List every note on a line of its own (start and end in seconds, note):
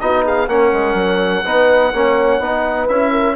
0.00 0.48 B3
0.00 0.49 D#4
0.00 0.25 F#4
0.00 0.24 D#5
0.25 0.49 G#4
0.25 0.49 F5
0.48 0.72 A#3
0.48 1.45 C#4
0.48 1.45 A#4
0.48 2.89 F#5
0.73 0.94 G#3
0.94 1.42 F#3
1.45 1.94 B3
1.45 1.93 D#4
1.45 1.93 B4
1.94 2.40 A#3
1.94 2.42 C#4
1.94 2.44 C#5
2.40 2.88 B3
2.40 2.89 D#4
2.40 3.12 B4
2.89 3.36 C#4
2.89 3.36 E4
2.89 3.36 E5
3.12 3.36 A#4